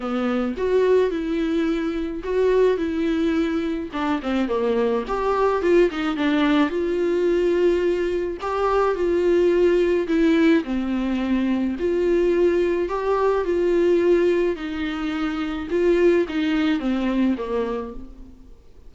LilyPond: \new Staff \with { instrumentName = "viola" } { \time 4/4 \tempo 4 = 107 b4 fis'4 e'2 | fis'4 e'2 d'8 c'8 | ais4 g'4 f'8 dis'8 d'4 | f'2. g'4 |
f'2 e'4 c'4~ | c'4 f'2 g'4 | f'2 dis'2 | f'4 dis'4 c'4 ais4 | }